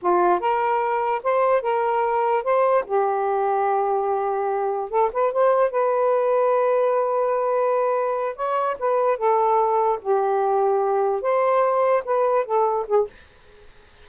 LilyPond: \new Staff \with { instrumentName = "saxophone" } { \time 4/4 \tempo 4 = 147 f'4 ais'2 c''4 | ais'2 c''4 g'4~ | g'1 | a'8 b'8 c''4 b'2~ |
b'1~ | b'8 cis''4 b'4 a'4.~ | a'8 g'2. c''8~ | c''4. b'4 a'4 gis'8 | }